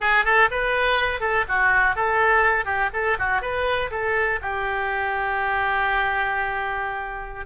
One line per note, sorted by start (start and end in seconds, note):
0.00 0.24 G#4
0.24 0.49 A4
0.51 1.20 B4
1.20 1.44 A4
1.48 1.95 F#4
1.95 2.65 A4
2.65 2.89 G4
2.93 3.17 A4
3.18 3.41 F#4
3.41 3.90 B4
3.90 4.39 A4
4.41 7.46 G4